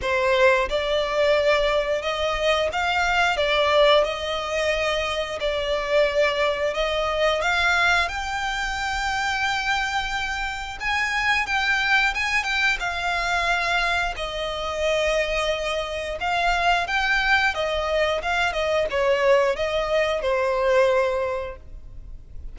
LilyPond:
\new Staff \with { instrumentName = "violin" } { \time 4/4 \tempo 4 = 89 c''4 d''2 dis''4 | f''4 d''4 dis''2 | d''2 dis''4 f''4 | g''1 |
gis''4 g''4 gis''8 g''8 f''4~ | f''4 dis''2. | f''4 g''4 dis''4 f''8 dis''8 | cis''4 dis''4 c''2 | }